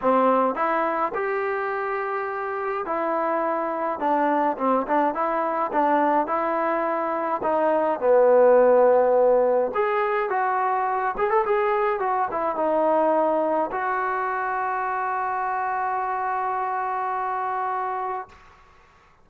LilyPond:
\new Staff \with { instrumentName = "trombone" } { \time 4/4 \tempo 4 = 105 c'4 e'4 g'2~ | g'4 e'2 d'4 | c'8 d'8 e'4 d'4 e'4~ | e'4 dis'4 b2~ |
b4 gis'4 fis'4. gis'16 a'16 | gis'4 fis'8 e'8 dis'2 | fis'1~ | fis'1 | }